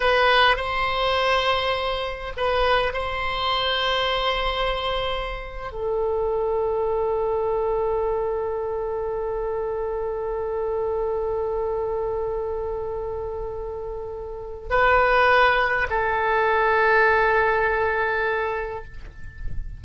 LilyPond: \new Staff \with { instrumentName = "oboe" } { \time 4/4 \tempo 4 = 102 b'4 c''2. | b'4 c''2.~ | c''4.~ c''16 a'2~ a'16~ | a'1~ |
a'1~ | a'1~ | a'4 b'2 a'4~ | a'1 | }